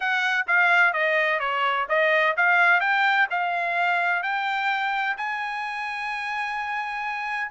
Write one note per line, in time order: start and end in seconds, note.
0.00 0.46 F#5
0.47 0.93 F5
0.93 1.39 D#5
1.39 1.86 C#5
1.89 2.35 D#5
2.36 2.80 F5
2.80 3.27 G5
3.30 4.22 F5
4.22 5.16 G5
5.17 7.50 G#5